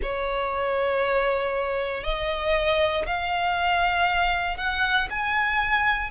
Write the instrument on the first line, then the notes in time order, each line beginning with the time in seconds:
violin
0.02 C#5
2.03 D#5
3.06 F5
4.57 F#5
5.10 G#5